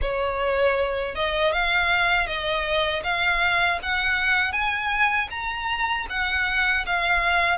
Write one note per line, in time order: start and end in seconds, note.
0.01 1.15 C#5
1.15 1.52 D#5
1.52 2.26 F5
2.26 3.02 D#5
3.03 3.79 F5
3.82 4.52 F#5
4.52 5.28 G#5
5.30 6.06 A#5
6.09 6.85 F#5
6.86 7.58 F5